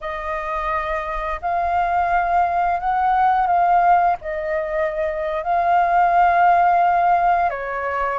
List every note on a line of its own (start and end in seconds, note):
0.00 1.40 D#5
1.41 2.79 F5
2.79 3.46 F#5
3.46 4.16 F5
4.21 5.43 D#5
5.43 7.50 F5
7.50 8.18 C#5